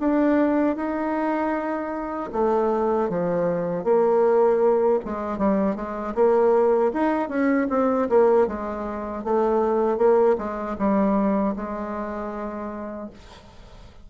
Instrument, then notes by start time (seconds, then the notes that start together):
bassoon
0.00 D4
0.76 D#4
2.33 A3
3.09 F3
3.84 A#3
5.05 G#3
5.38 G3
5.76 G#3
6.15 A#3
6.93 D#4
7.29 C#4
7.70 C4
8.09 A#3
8.47 G#3
9.24 A3
9.98 A#3
10.38 G#3
10.78 G3
11.56 G#3